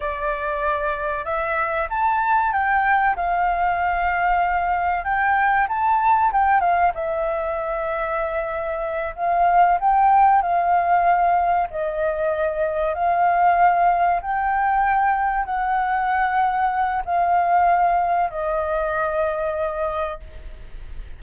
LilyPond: \new Staff \with { instrumentName = "flute" } { \time 4/4 \tempo 4 = 95 d''2 e''4 a''4 | g''4 f''2. | g''4 a''4 g''8 f''8 e''4~ | e''2~ e''8 f''4 g''8~ |
g''8 f''2 dis''4.~ | dis''8 f''2 g''4.~ | g''8 fis''2~ fis''8 f''4~ | f''4 dis''2. | }